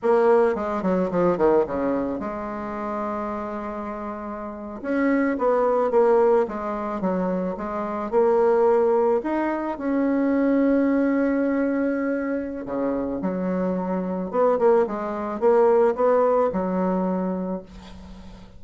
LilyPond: \new Staff \with { instrumentName = "bassoon" } { \time 4/4 \tempo 4 = 109 ais4 gis8 fis8 f8 dis8 cis4 | gis1~ | gis8. cis'4 b4 ais4 gis16~ | gis8. fis4 gis4 ais4~ ais16~ |
ais8. dis'4 cis'2~ cis'16~ | cis'2. cis4 | fis2 b8 ais8 gis4 | ais4 b4 fis2 | }